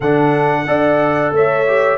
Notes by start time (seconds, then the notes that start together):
0.00 D3 D4 A4 F#5
0.66 D4 A4 D5
1.32 A3 C#5 E5
1.67 G4